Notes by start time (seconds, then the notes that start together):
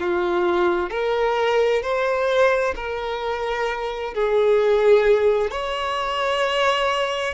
0.00 F4
0.90 A#4
1.83 C5
2.76 A#4
4.14 G#4
5.51 C#5